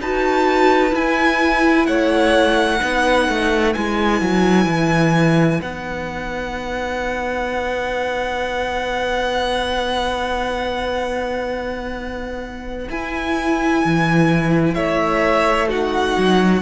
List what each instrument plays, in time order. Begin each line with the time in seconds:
0.00 cello D#4, viola F#4, violin B4 A5
0.91 viola E4, cello E4, violin G#5
1.87 cello A3, violin C#5 F#5
2.80 cello B3, viola D#4, violin B4
3.28 cello A3
3.73 cello G#3, viola E4, violin G#5
4.21 cello F#3
4.65 cello E3
5.61 cello B3, viola D#4, violin F#5
12.89 cello E4, viola E4, violin G#5
13.84 cello E3
14.74 cello A3, violin C#5 E5
15.68 viola D#4, violin F#4 F#5
16.17 cello F#3